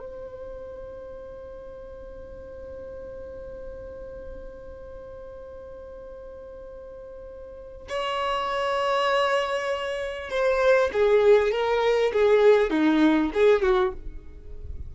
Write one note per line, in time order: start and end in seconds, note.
0.00 7.88 C5
7.89 10.30 C#5
10.30 10.91 C5
10.93 11.52 G#4
11.52 12.12 A#4
12.13 12.71 G#4
12.71 13.31 D#4
13.34 13.63 G#4
13.63 13.93 F#4